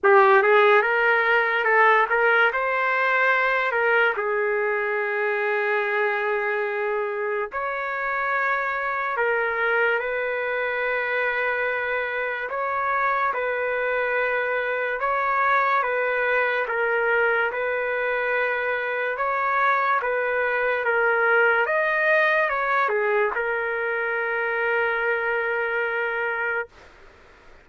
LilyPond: \new Staff \with { instrumentName = "trumpet" } { \time 4/4 \tempo 4 = 72 g'8 gis'8 ais'4 a'8 ais'8 c''4~ | c''8 ais'8 gis'2.~ | gis'4 cis''2 ais'4 | b'2. cis''4 |
b'2 cis''4 b'4 | ais'4 b'2 cis''4 | b'4 ais'4 dis''4 cis''8 gis'8 | ais'1 | }